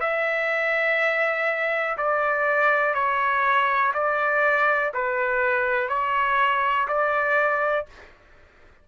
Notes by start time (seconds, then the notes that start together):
0.00 E5
1.98 D5
2.94 C#5
3.94 D5
4.94 B4
5.89 C#5
6.88 D5